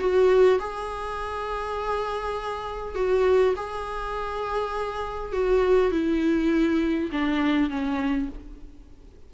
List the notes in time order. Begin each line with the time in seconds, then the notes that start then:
0.00 F#4
0.60 G#4
2.95 F#4
3.57 G#4
5.33 F#4
5.92 E4
7.12 D4
7.70 C#4